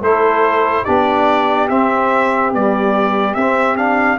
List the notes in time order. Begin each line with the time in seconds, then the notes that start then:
0.00 A3 E4 A4 C5
0.83 B3 D4 G4 D5
1.69 C4 E5
2.53 G3 B3 D5
3.34 C4 E5
3.76 D4 F5